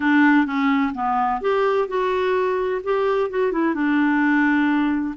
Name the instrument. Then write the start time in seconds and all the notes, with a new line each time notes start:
clarinet
0.00 D4
0.46 C#4
0.94 B3
1.41 G4
1.87 F#4
2.83 G4
3.29 F#4
3.52 E4
3.74 D4